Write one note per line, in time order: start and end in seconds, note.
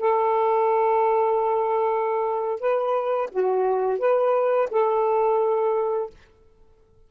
0.00 2.61 A4
2.61 3.30 B4
3.31 4.00 F#4
4.00 4.69 B4
4.71 6.10 A4